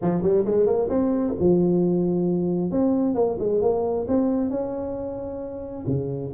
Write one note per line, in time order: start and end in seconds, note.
0.01 0.22 F3
0.22 0.44 G3
0.45 0.66 G#3
0.66 0.88 A#3
0.89 1.34 C4
1.39 2.71 F3
2.71 3.15 C4
3.15 3.37 A#3
3.39 3.61 G#3
3.61 4.06 A#3
4.08 4.50 C4
4.50 5.85 C#4
5.86 6.32 C#3